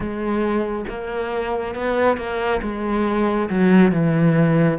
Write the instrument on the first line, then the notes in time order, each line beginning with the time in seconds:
cello
0.00 G#3
0.88 A#3
1.74 B3
2.17 A#3
2.62 G#3
3.49 F#3
3.91 E3